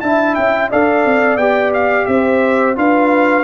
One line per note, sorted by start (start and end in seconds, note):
0.00 0.36 D4
0.00 0.71 E4
0.00 0.70 E5
0.00 0.34 A5
0.34 0.71 C#4
0.34 0.69 G5
0.70 1.04 D4
0.70 1.39 A4
0.70 2.08 D5
0.70 1.37 F5
1.04 1.36 C4
1.36 2.05 B3
1.36 2.75 G4
1.36 1.71 G5
1.73 2.05 F5
2.05 2.76 C4
2.05 2.78 C5
2.05 2.74 E5
2.75 3.43 D4
2.75 3.43 F4
2.75 3.43 B4
2.75 3.43 F5